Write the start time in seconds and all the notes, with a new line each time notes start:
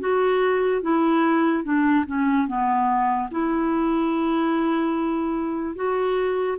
0.00 F#4
0.82 E4
1.64 D4
2.06 C#4
2.47 B3
3.31 E4
5.76 F#4